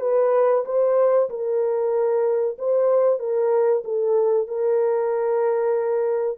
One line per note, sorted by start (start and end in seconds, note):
0.00 0.64 B4
0.65 1.29 C5
1.29 2.57 A#4
2.58 3.19 C5
3.19 3.82 A#4
3.84 4.47 A4
4.47 6.38 A#4